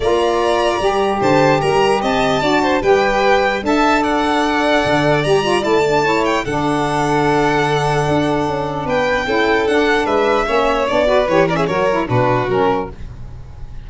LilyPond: <<
  \new Staff \with { instrumentName = "violin" } { \time 4/4 \tempo 4 = 149 ais''2. a''4 | ais''4 a''2 g''4~ | g''4 a''4 fis''2~ | fis''4 ais''4 a''4. g''8 |
fis''1~ | fis''2 g''2 | fis''4 e''2 d''4 | cis''8 d''16 e''16 cis''4 b'4 ais'4 | }
  \new Staff \with { instrumentName = "violin" } { \time 4/4 d''2. c''4 | ais'4 dis''4 d''8 c''8 b'4~ | b'4 e''4 d''2~ | d''2. cis''4 |
a'1~ | a'2 b'4 a'4~ | a'4 b'4 cis''4. b'8~ | b'8 ais'16 gis'16 ais'4 fis'2 | }
  \new Staff \with { instrumentName = "saxophone" } { \time 4/4 f'2 g'2~ | g'2 fis'4 g'4~ | g'4 a'2.~ | a'4 g'8 f'8 e'8 d'8 e'4 |
d'1~ | d'2. e'4 | d'2 cis'4 d'8 fis'8 | g'8 cis'8 fis'8 e'8 d'4 cis'4 | }
  \new Staff \with { instrumentName = "tuba" } { \time 4/4 ais2 g4 d4 | g4 c'4 d'4 g4~ | g4 d'2. | d4 g4 a2 |
d1 | d'4 cis'4 b4 cis'4 | d'4 gis4 ais4 b4 | e4 fis4 b,4 fis4 | }
>>